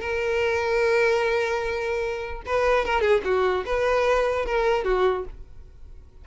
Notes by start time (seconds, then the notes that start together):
0.00 A#4
2.46 B4
2.85 A#4
3.01 G#4
3.24 F#4
3.65 B4
4.45 A#4
4.84 F#4